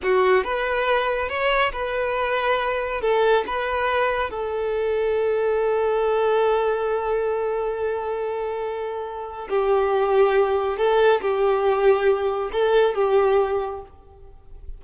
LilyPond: \new Staff \with { instrumentName = "violin" } { \time 4/4 \tempo 4 = 139 fis'4 b'2 cis''4 | b'2. a'4 | b'2 a'2~ | a'1~ |
a'1~ | a'2 g'2~ | g'4 a'4 g'2~ | g'4 a'4 g'2 | }